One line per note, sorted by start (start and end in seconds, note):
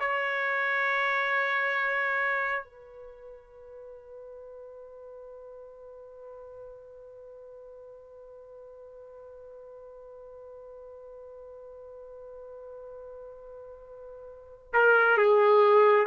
0.00 2.65 C#5
2.65 14.74 B4
14.74 15.18 A#4
15.18 16.07 G#4